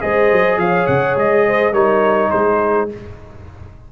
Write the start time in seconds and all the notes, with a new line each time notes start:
0.00 G#3 G#4 C5 D#5
0.32 F#3
0.57 F3 C#5 F5
0.87 C#3 F#5
1.16 G#3 D#5
1.47 C5
1.72 G3 D#4 A#4 C#5
2.30 G#3 G#4 C5